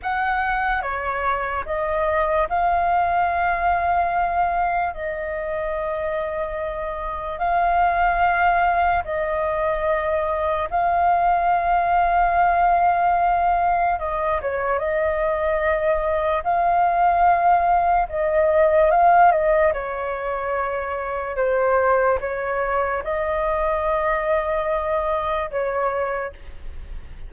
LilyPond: \new Staff \with { instrumentName = "flute" } { \time 4/4 \tempo 4 = 73 fis''4 cis''4 dis''4 f''4~ | f''2 dis''2~ | dis''4 f''2 dis''4~ | dis''4 f''2.~ |
f''4 dis''8 cis''8 dis''2 | f''2 dis''4 f''8 dis''8 | cis''2 c''4 cis''4 | dis''2. cis''4 | }